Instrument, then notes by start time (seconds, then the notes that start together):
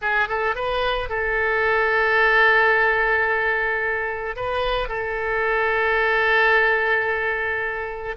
oboe
0.01 G#4
0.28 A4
0.55 B4
1.09 A4
4.35 B4
4.88 A4